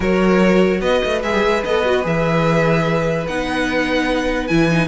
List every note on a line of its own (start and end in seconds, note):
0.00 0.81 F#3
0.00 1.21 F#4
0.00 0.80 A#4
0.00 0.81 C#5
0.81 1.01 B3
0.81 4.88 B4
0.81 1.22 D#5
1.04 1.23 A3
1.22 1.33 G#3
1.22 1.63 G#4
1.22 1.63 E5
1.33 1.43 G3
1.43 1.63 G#3
1.63 2.04 B3
1.63 1.85 A4
1.63 2.04 D#5
1.85 2.02 F#4
2.02 3.27 E3
2.02 3.24 G#4
2.02 3.27 E5
3.27 4.49 B3
3.27 4.49 D#4
3.27 4.47 F#5
4.47 4.88 E3
4.47 4.69 E4
4.47 4.87 G#5
4.70 4.88 D#4